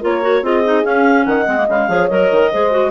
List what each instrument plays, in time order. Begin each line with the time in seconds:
0.00 bassoon A#3, clarinet F4 C#5, horn A#4
0.22 clarinet F#4
0.42 bassoon C4, clarinet F4 D#5, horn G#4
0.64 clarinet D#4
0.83 clarinet C#4 F5, bassoon C#4
1.25 bassoon D#3, horn D#5, clarinet F#5
1.47 bassoon G#3, clarinet C4
1.57 clarinet A#3
1.68 bassoon C#3, clarinet G#3 F5
1.88 bassoon F3, clarinet G#4, horn C#5
2.08 bassoon F#3, clarinet A#4 D#5
2.31 bassoon D#3
2.51 bassoon G#3, clarinet G#4, horn C5
2.71 clarinet F#4